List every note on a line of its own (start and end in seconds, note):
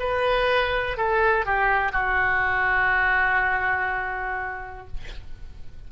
0.00 0.97 B4
0.97 1.46 A4
1.46 1.92 G4
1.92 4.87 F#4